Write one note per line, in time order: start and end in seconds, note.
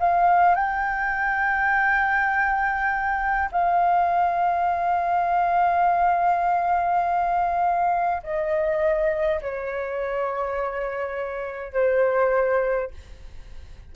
0.00 0.56 F5
0.56 3.50 G5
3.52 8.22 F5
8.24 9.41 D#5
9.42 11.73 C#5
11.73 12.91 C5